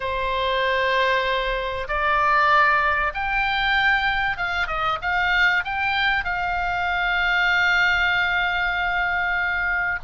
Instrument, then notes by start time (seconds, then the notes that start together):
oboe
0.00 C5
1.88 D5
3.14 G5
4.37 F5
4.67 D#5
5.01 F5
5.64 G5
6.24 F5